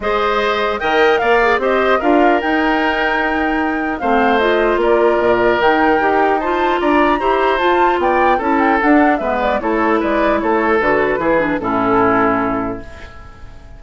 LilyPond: <<
  \new Staff \with { instrumentName = "flute" } { \time 4/4 \tempo 4 = 150 dis''2 g''4 f''4 | dis''4 f''4 g''2~ | g''2 f''4 dis''4 | d''2 g''2 |
a''4 ais''2 a''4 | g''4 a''8 g''8 fis''4 e''8 d''8 | cis''4 d''4 cis''4 b'4~ | b'4 a'2. | }
  \new Staff \with { instrumentName = "oboe" } { \time 4/4 c''2 dis''4 d''4 | c''4 ais'2.~ | ais'2 c''2 | ais'1 |
c''4 d''4 c''2 | d''4 a'2 b'4 | a'4 b'4 a'2 | gis'4 e'2. | }
  \new Staff \with { instrumentName = "clarinet" } { \time 4/4 gis'2 ais'4. gis'8 | g'4 f'4 dis'2~ | dis'2 c'4 f'4~ | f'2 dis'4 g'4 |
f'2 g'4 f'4~ | f'4 e'4 d'4 b4 | e'2. fis'4 | e'8 d'8 cis'2. | }
  \new Staff \with { instrumentName = "bassoon" } { \time 4/4 gis2 dis4 ais4 | c'4 d'4 dis'2~ | dis'2 a2 | ais4 ais,4 dis4 dis'4~ |
dis'4 d'4 e'4 f'4 | b4 cis'4 d'4 gis4 | a4 gis4 a4 d4 | e4 a,2. | }
>>